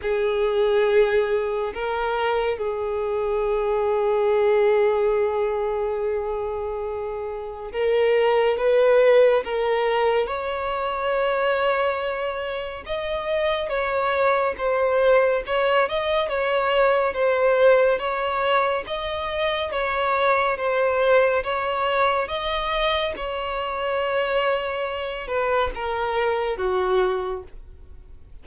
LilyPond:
\new Staff \with { instrumentName = "violin" } { \time 4/4 \tempo 4 = 70 gis'2 ais'4 gis'4~ | gis'1~ | gis'4 ais'4 b'4 ais'4 | cis''2. dis''4 |
cis''4 c''4 cis''8 dis''8 cis''4 | c''4 cis''4 dis''4 cis''4 | c''4 cis''4 dis''4 cis''4~ | cis''4. b'8 ais'4 fis'4 | }